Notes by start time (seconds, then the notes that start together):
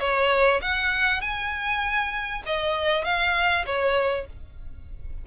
0.00 C#5
0.61 F#5
1.21 G#5
2.46 D#5
3.04 F5
3.66 C#5